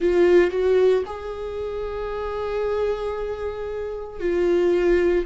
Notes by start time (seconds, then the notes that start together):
0.00 F4
0.50 F#4
1.06 G#4
4.20 F4